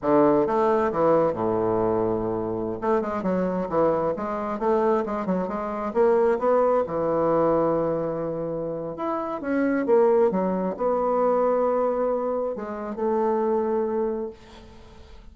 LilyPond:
\new Staff \with { instrumentName = "bassoon" } { \time 4/4 \tempo 4 = 134 d4 a4 e4 a,4~ | a,2~ a,16 a8 gis8 fis8.~ | fis16 e4 gis4 a4 gis8 fis16~ | fis16 gis4 ais4 b4 e8.~ |
e1 | e'4 cis'4 ais4 fis4 | b1 | gis4 a2. | }